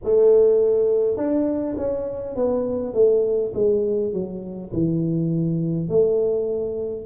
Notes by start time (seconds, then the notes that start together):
0.03 A3
1.17 D4
1.77 C#4
2.35 B3
2.94 A3
3.53 G#3
4.12 F#3
4.72 E3
5.88 A3